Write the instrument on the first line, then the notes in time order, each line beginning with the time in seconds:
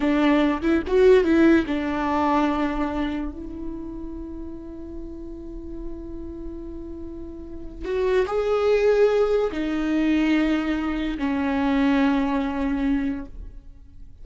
viola
0.00 D4
0.62 E4
0.87 F#4
1.24 E4
1.66 D4
3.31 E4
7.84 F#4
8.26 G#4
9.52 D#4
11.18 C#4